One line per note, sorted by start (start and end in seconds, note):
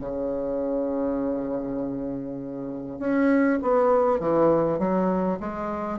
0.00 2.99 C#3
2.99 3.59 C#4
3.62 4.19 B3
4.19 4.79 E3
4.79 5.39 F#3
5.40 5.99 G#3